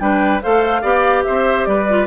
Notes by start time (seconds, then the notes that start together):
0.00 G3 D4 B4 G5
0.42 A3 A4 C5 F5
0.82 B3 G4 D5
1.24 C4 C5 E5
1.66 G3 B4 D5
1.89 F4